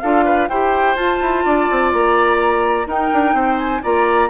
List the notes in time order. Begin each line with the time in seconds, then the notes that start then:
0.00 D4 F4 A4 F5
0.24 B4
0.48 E4 G4 C5 G5
0.95 F4 A5
1.21 E4
1.44 D4 D5
1.70 C4
1.93 A#3 A#5
2.86 D#4 A#4 G5
3.13 D4
3.33 C4 C5
3.58 G#5
3.82 A#3 F4 D5 A#5